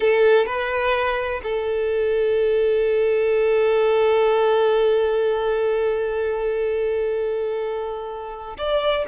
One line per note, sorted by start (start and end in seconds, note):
0.00 0.45 A4
0.45 1.41 B4
1.43 8.57 A4
8.57 9.05 D5